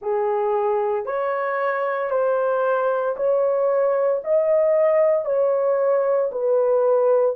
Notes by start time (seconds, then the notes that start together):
0.01 G#4
1.05 C#5
2.10 C5
3.16 C#5
4.23 D#5
5.25 C#5
6.32 B4